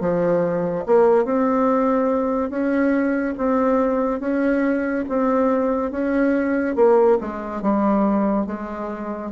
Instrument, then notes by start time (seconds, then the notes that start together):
bassoon
0.00 F3
0.86 A#3
1.24 C4
2.50 C#4
3.37 C4
4.20 C#4
5.08 C4
5.91 C#4
6.75 A#3
7.20 G#3
7.61 G3
8.46 G#3